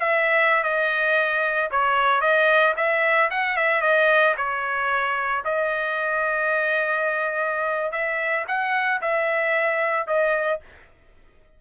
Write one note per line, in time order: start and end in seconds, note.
0.00 0.64 E5
0.64 1.70 D#5
1.71 2.21 C#5
2.21 2.74 D#5
2.77 3.30 E5
3.31 3.57 F#5
3.57 3.82 E5
3.82 4.35 D#5
4.37 5.44 C#5
5.45 7.92 D#5
7.92 8.45 E5
8.48 9.01 F#5
9.02 10.07 E5
10.07 10.60 D#5